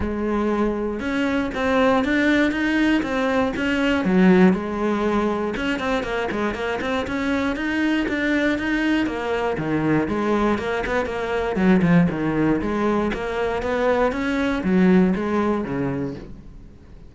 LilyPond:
\new Staff \with { instrumentName = "cello" } { \time 4/4 \tempo 4 = 119 gis2 cis'4 c'4 | d'4 dis'4 c'4 cis'4 | fis4 gis2 cis'8 c'8 | ais8 gis8 ais8 c'8 cis'4 dis'4 |
d'4 dis'4 ais4 dis4 | gis4 ais8 b8 ais4 fis8 f8 | dis4 gis4 ais4 b4 | cis'4 fis4 gis4 cis4 | }